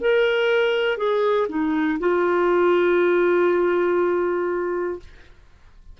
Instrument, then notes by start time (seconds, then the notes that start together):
clarinet
0.00 A#4
0.98 G#4
1.49 D#4
2.00 F4